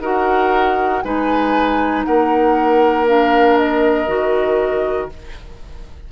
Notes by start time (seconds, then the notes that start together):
0.00 D#4 F#4 A#4 F#5
1.02 G#3 D#4 B4 G#5
2.04 A#3 A#4 F#5
3.07 D4 F5
3.57 D#5
4.07 D#3 F#4